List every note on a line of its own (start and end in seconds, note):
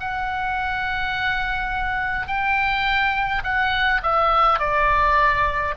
0.00 2.27 F#5
2.27 3.42 G5
3.44 4.01 F#5
4.02 4.59 E5
4.59 5.74 D5